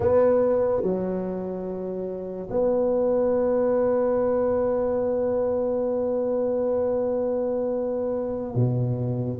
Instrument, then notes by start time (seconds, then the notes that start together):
tuba
0.00 B3
0.82 F#3
2.50 B3
8.54 B2